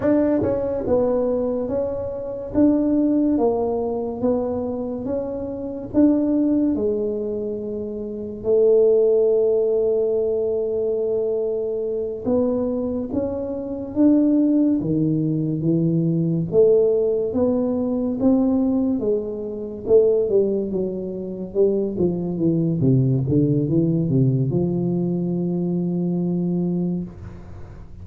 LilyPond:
\new Staff \with { instrumentName = "tuba" } { \time 4/4 \tempo 4 = 71 d'8 cis'8 b4 cis'4 d'4 | ais4 b4 cis'4 d'4 | gis2 a2~ | a2~ a8 b4 cis'8~ |
cis'8 d'4 dis4 e4 a8~ | a8 b4 c'4 gis4 a8 | g8 fis4 g8 f8 e8 c8 d8 | e8 c8 f2. | }